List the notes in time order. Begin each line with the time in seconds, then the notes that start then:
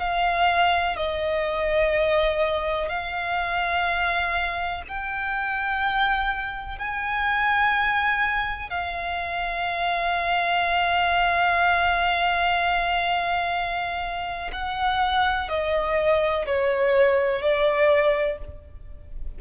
0.00 F5
0.97 D#5
2.89 F5
4.89 G5
6.79 G#5
8.71 F5
14.52 F#5
15.49 D#5
16.46 C#5
17.42 D5